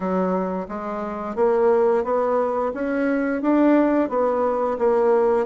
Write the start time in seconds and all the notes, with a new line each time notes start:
0.00 F#3
0.68 G#3
1.35 A#3
2.03 B3
2.73 C#4
3.42 D4
4.09 B3
4.78 A#3